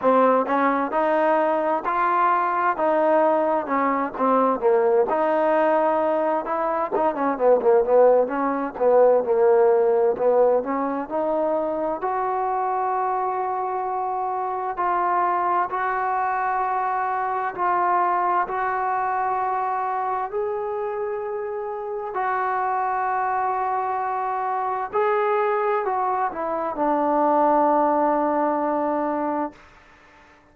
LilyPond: \new Staff \with { instrumentName = "trombone" } { \time 4/4 \tempo 4 = 65 c'8 cis'8 dis'4 f'4 dis'4 | cis'8 c'8 ais8 dis'4. e'8 dis'16 cis'16 | b16 ais16 b8 cis'8 b8 ais4 b8 cis'8 | dis'4 fis'2. |
f'4 fis'2 f'4 | fis'2 gis'2 | fis'2. gis'4 | fis'8 e'8 d'2. | }